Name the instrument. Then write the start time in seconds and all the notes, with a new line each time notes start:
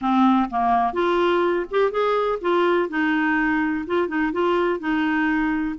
clarinet
0.01 C4
0.50 A#3
0.93 F4
1.70 G4
1.91 G#4
2.41 F4
2.89 D#4
3.86 F4
4.08 D#4
4.32 F4
4.79 D#4